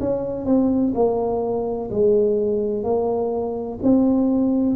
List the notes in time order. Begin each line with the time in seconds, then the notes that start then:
0.00 C#4
0.45 C4
0.95 A#3
1.91 G#3
2.84 A#3
3.83 C4